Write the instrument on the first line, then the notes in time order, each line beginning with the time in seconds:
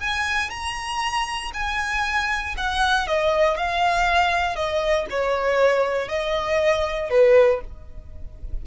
violin
0.00 G#5
0.50 A#5
1.53 G#5
2.57 F#5
3.07 D#5
3.57 F5
4.55 D#5
5.10 C#5
6.08 D#5
7.10 B4